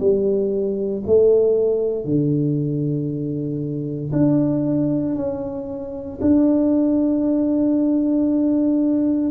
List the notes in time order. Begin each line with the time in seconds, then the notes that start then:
0.00 G3
1.06 A3
2.05 D3
4.12 D4
5.16 C#4
6.22 D4